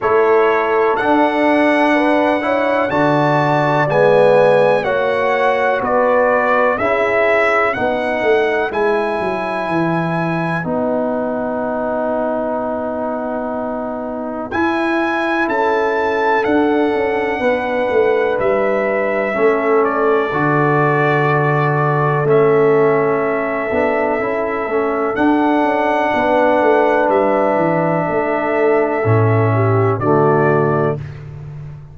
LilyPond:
<<
  \new Staff \with { instrumentName = "trumpet" } { \time 4/4 \tempo 4 = 62 cis''4 fis''2 a''4 | gis''4 fis''4 d''4 e''4 | fis''4 gis''2 fis''4~ | fis''2. gis''4 |
a''4 fis''2 e''4~ | e''8 d''2~ d''8 e''4~ | e''2 fis''2 | e''2. d''4 | }
  \new Staff \with { instrumentName = "horn" } { \time 4/4 a'2 b'8 cis''8 d''4~ | d''4 cis''4 b'4 gis'4 | b'1~ | b'1 |
a'2 b'2 | a'1~ | a'2. b'4~ | b'4 a'4. g'8 fis'4 | }
  \new Staff \with { instrumentName = "trombone" } { \time 4/4 e'4 d'4. e'8 fis'4 | b4 fis'2 e'4 | dis'4 e'2 dis'4~ | dis'2. e'4~ |
e'4 d'2. | cis'4 fis'2 cis'4~ | cis'8 d'8 e'8 cis'8 d'2~ | d'2 cis'4 a4 | }
  \new Staff \with { instrumentName = "tuba" } { \time 4/4 a4 d'2 d4 | gis4 ais4 b4 cis'4 | b8 a8 gis8 fis8 e4 b4~ | b2. e'4 |
cis'4 d'8 cis'8 b8 a8 g4 | a4 d2 a4~ | a8 b8 cis'8 a8 d'8 cis'8 b8 a8 | g8 e8 a4 a,4 d4 | }
>>